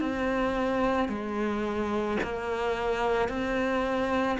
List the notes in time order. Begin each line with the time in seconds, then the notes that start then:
0.00 C4
1.08 G#3
2.23 A#3
3.28 C4